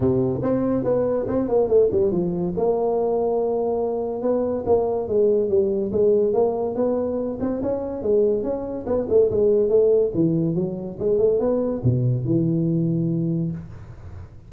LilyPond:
\new Staff \with { instrumentName = "tuba" } { \time 4/4 \tempo 4 = 142 c4 c'4 b4 c'8 ais8 | a8 g8 f4 ais2~ | ais2 b4 ais4 | gis4 g4 gis4 ais4 |
b4. c'8 cis'4 gis4 | cis'4 b8 a8 gis4 a4 | e4 fis4 gis8 a8 b4 | b,4 e2. | }